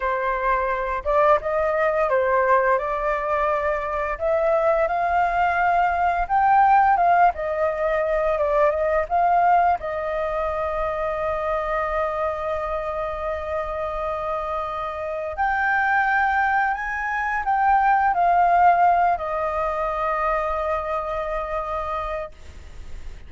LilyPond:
\new Staff \with { instrumentName = "flute" } { \time 4/4 \tempo 4 = 86 c''4. d''8 dis''4 c''4 | d''2 e''4 f''4~ | f''4 g''4 f''8 dis''4. | d''8 dis''8 f''4 dis''2~ |
dis''1~ | dis''2 g''2 | gis''4 g''4 f''4. dis''8~ | dis''1 | }